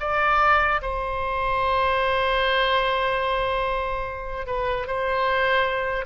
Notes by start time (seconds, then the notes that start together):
0.00 D5
0.82 C5
4.47 B4
4.88 C5